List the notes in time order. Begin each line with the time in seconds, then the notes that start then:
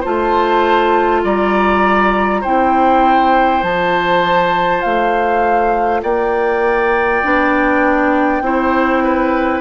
0.00 A3 F4 C5 A5
1.24 G3 D5 A#5
2.41 C4 E4 C5 G5
3.62 F3 F4 A5
4.81 A3 F5
6.02 A#3 D5 G5
7.24 B3 D4
8.41 C4 E4 C5
9.03 B4